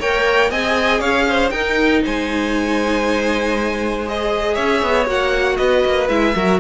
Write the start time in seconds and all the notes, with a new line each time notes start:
0.00 A#3 A#4 C#5 G5
0.51 C4 G#4 D#5 G#5
1.00 C#4 C#5 F5
1.29 C5
1.51 D#4 A#4 G5
2.04 G#3 C5 G#5
4.07 G#4 D#5
4.54 C#4 C#5 E5
4.83 B3
5.06 A#3 F#4 F#5
5.57 B3 B4 D#5
5.86 A#3
6.09 G#3 E4 E5
6.35 F#3 F#4 A#4